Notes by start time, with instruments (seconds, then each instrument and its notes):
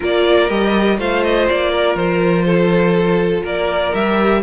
0.00 cello A#3, viola F4, violin A#4 D5
0.48 cello G3, viola G4, violin D#5
0.98 cello A3, viola F4, violin C5 F5
1.23 violin D#5
1.48 cello A#3, violin D5
1.71 violin A#4
1.95 cello F3, violin C5
2.45 violin A4
3.43 cello A#3, violin A#4 D5
3.93 cello G3, viola G4, violin E5